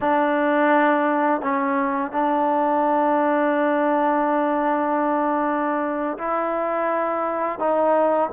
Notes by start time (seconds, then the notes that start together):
0.00 D4
1.41 C#4
2.11 D4
6.18 E4
7.59 D#4